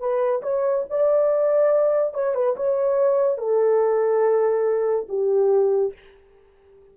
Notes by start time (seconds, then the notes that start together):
0.00 B4
0.43 C#5
0.90 D5
2.14 C#5
2.35 B4
2.57 C#5
3.38 A4
5.09 G4